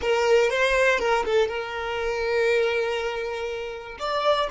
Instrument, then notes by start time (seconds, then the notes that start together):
violin
0.01 A#4
0.50 C5
0.99 A#4
1.24 A4
1.48 A#4
3.99 D5